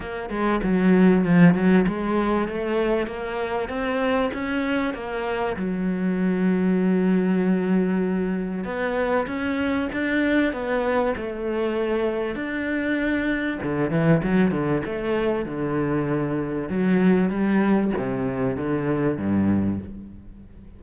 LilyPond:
\new Staff \with { instrumentName = "cello" } { \time 4/4 \tempo 4 = 97 ais8 gis8 fis4 f8 fis8 gis4 | a4 ais4 c'4 cis'4 | ais4 fis2.~ | fis2 b4 cis'4 |
d'4 b4 a2 | d'2 d8 e8 fis8 d8 | a4 d2 fis4 | g4 c4 d4 g,4 | }